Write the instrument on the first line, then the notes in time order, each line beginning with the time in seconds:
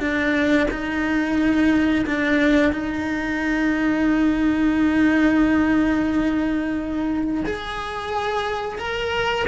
cello
0.00 D4
0.70 D#4
2.06 D4
2.72 D#4
7.46 G#4
8.78 A#4